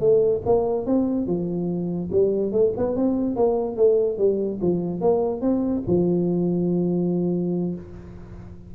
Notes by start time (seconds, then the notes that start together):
0.00 A3
0.46 A#3
0.86 C4
1.27 F3
2.12 G3
2.52 A3
2.77 B3
2.96 C4
3.36 A#3
3.77 A3
4.18 G3
4.62 F3
5.01 A#3
5.41 C4
5.87 F3